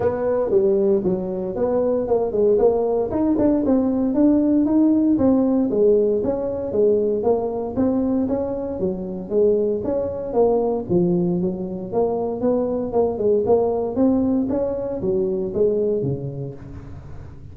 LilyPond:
\new Staff \with { instrumentName = "tuba" } { \time 4/4 \tempo 4 = 116 b4 g4 fis4 b4 | ais8 gis8 ais4 dis'8 d'8 c'4 | d'4 dis'4 c'4 gis4 | cis'4 gis4 ais4 c'4 |
cis'4 fis4 gis4 cis'4 | ais4 f4 fis4 ais4 | b4 ais8 gis8 ais4 c'4 | cis'4 fis4 gis4 cis4 | }